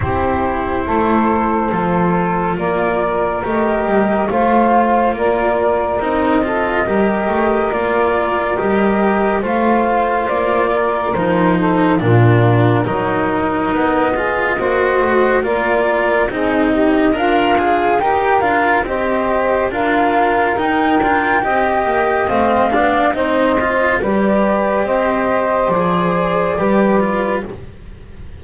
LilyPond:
<<
  \new Staff \with { instrumentName = "flute" } { \time 4/4 \tempo 4 = 70 c''2. d''4 | dis''4 f''4 d''4 dis''4~ | dis''4 d''4 dis''4 f''4 | d''4 c''4 ais'4 dis''4~ |
dis''2 d''4 dis''4 | f''4 g''8 f''8 dis''4 f''4 | g''2 f''4 dis''4 | d''4 dis''4 d''2 | }
  \new Staff \with { instrumentName = "saxophone" } { \time 4/4 g'4 a'2 ais'4~ | ais'4 c''4 ais'4. a'8 | ais'2. c''4~ | c''8 ais'4 a'8 f'4 ais'4~ |
ais'8 gis'8 c''4 ais'4 gis'8 g'8 | f'4 ais'4 c''4 ais'4~ | ais'4 dis''4. d''8 c''4 | b'4 c''2 b'4 | }
  \new Staff \with { instrumentName = "cello" } { \time 4/4 e'2 f'2 | g'4 f'2 dis'8 f'8 | g'4 f'4 g'4 f'4~ | f'4 dis'4 d'4 dis'4~ |
dis'8 f'8 fis'4 f'4 dis'4 | ais'8 gis'8 g'8 f'8 g'4 f'4 | dis'8 f'8 g'4 c'8 d'8 dis'8 f'8 | g'2 gis'4 g'8 f'8 | }
  \new Staff \with { instrumentName = "double bass" } { \time 4/4 c'4 a4 f4 ais4 | a8 g8 a4 ais4 c'4 | g8 a8 ais4 g4 a4 | ais4 f4 ais,4 fis4 |
b4 ais8 a8 ais4 c'4 | d'4 dis'8 d'8 c'4 d'4 | dis'8 d'8 c'8 ais8 a8 b8 c'4 | g4 c'4 f4 g4 | }
>>